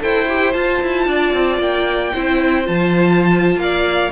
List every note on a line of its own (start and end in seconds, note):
0.00 0.55 E4
0.00 0.27 A4
0.00 1.08 C5
0.00 0.53 G5
0.29 0.54 G4
0.53 2.13 F4
0.53 0.82 F4
0.53 1.59 A5
0.82 1.07 E4
1.07 1.33 D4
1.07 2.14 D5
1.33 1.59 C4
1.59 2.12 A#3
1.59 2.67 G5
2.14 2.68 C4
2.14 2.65 E4
2.14 3.60 C5
2.65 3.56 F3
2.65 4.11 F4
2.65 3.59 A5
3.56 4.09 A#3
3.56 4.12 F5
3.63 4.12 D5